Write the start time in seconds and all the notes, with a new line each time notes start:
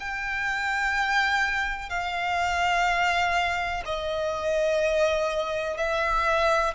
0.00 G5
1.90 F5
3.85 D#5
5.78 E5